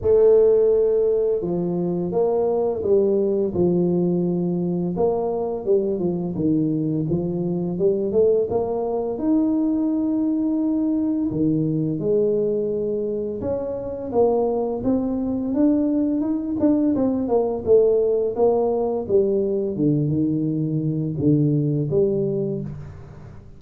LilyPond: \new Staff \with { instrumentName = "tuba" } { \time 4/4 \tempo 4 = 85 a2 f4 ais4 | g4 f2 ais4 | g8 f8 dis4 f4 g8 a8 | ais4 dis'2. |
dis4 gis2 cis'4 | ais4 c'4 d'4 dis'8 d'8 | c'8 ais8 a4 ais4 g4 | d8 dis4. d4 g4 | }